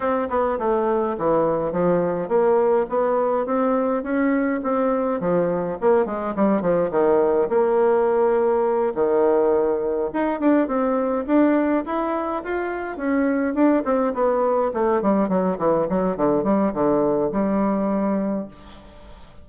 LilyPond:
\new Staff \with { instrumentName = "bassoon" } { \time 4/4 \tempo 4 = 104 c'8 b8 a4 e4 f4 | ais4 b4 c'4 cis'4 | c'4 f4 ais8 gis8 g8 f8 | dis4 ais2~ ais8 dis8~ |
dis4. dis'8 d'8 c'4 d'8~ | d'8 e'4 f'4 cis'4 d'8 | c'8 b4 a8 g8 fis8 e8 fis8 | d8 g8 d4 g2 | }